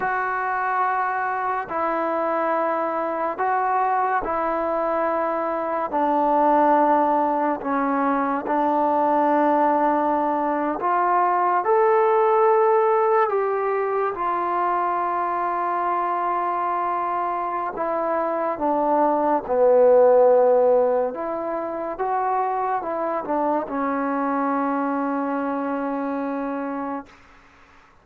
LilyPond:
\new Staff \with { instrumentName = "trombone" } { \time 4/4 \tempo 4 = 71 fis'2 e'2 | fis'4 e'2 d'4~ | d'4 cis'4 d'2~ | d'8. f'4 a'2 g'16~ |
g'8. f'2.~ f'16~ | f'4 e'4 d'4 b4~ | b4 e'4 fis'4 e'8 d'8 | cis'1 | }